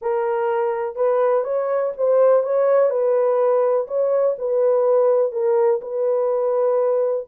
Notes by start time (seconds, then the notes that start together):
0.01 A#4
0.95 B4
1.44 C#5
1.97 C5
2.43 C#5
2.89 B4
3.87 C#5
4.38 B4
5.32 A#4
5.81 B4